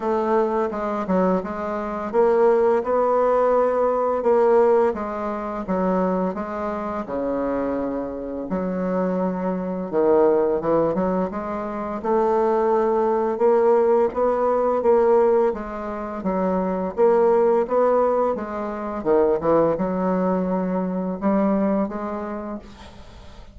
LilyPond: \new Staff \with { instrumentName = "bassoon" } { \time 4/4 \tempo 4 = 85 a4 gis8 fis8 gis4 ais4 | b2 ais4 gis4 | fis4 gis4 cis2 | fis2 dis4 e8 fis8 |
gis4 a2 ais4 | b4 ais4 gis4 fis4 | ais4 b4 gis4 dis8 e8 | fis2 g4 gis4 | }